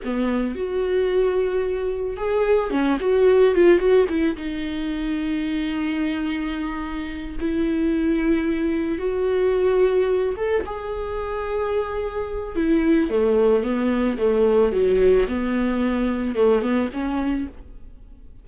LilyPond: \new Staff \with { instrumentName = "viola" } { \time 4/4 \tempo 4 = 110 b4 fis'2. | gis'4 cis'8 fis'4 f'8 fis'8 e'8 | dis'1~ | dis'4. e'2~ e'8~ |
e'8 fis'2~ fis'8 a'8 gis'8~ | gis'2. e'4 | a4 b4 a4 fis4 | b2 a8 b8 cis'4 | }